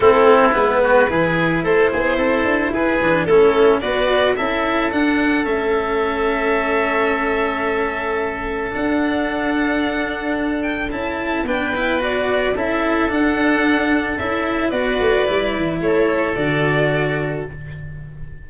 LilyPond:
<<
  \new Staff \with { instrumentName = "violin" } { \time 4/4 \tempo 4 = 110 a'4 b'2 c''4~ | c''4 b'4 a'4 d''4 | e''4 fis''4 e''2~ | e''1 |
fis''2.~ fis''8 g''8 | a''4 g''4 d''4 e''4 | fis''2 e''4 d''4~ | d''4 cis''4 d''2 | }
  \new Staff \with { instrumentName = "oboe" } { \time 4/4 e'4. fis'8 gis'4 a'8 gis'8 | a'4 gis'4 e'4 b'4 | a'1~ | a'1~ |
a'1~ | a'4 b'2 a'4~ | a'2. b'4~ | b'4 a'2. | }
  \new Staff \with { instrumentName = "cello" } { \time 4/4 c'4 b4 e'2~ | e'4. d'8 cis'4 fis'4 | e'4 d'4 cis'2~ | cis'1 |
d'1 | e'4 d'8 e'8 fis'4 e'4 | d'2 e'4 fis'4 | e'2 fis'2 | }
  \new Staff \with { instrumentName = "tuba" } { \time 4/4 a4 gis4 e4 a8 b8 | c'8 d'8 e'8 e8 a4 b4 | cis'4 d'4 a2~ | a1 |
d'1 | cis'4 b2 cis'4 | d'2 cis'4 b8 a8 | g8 e8 a4 d2 | }
>>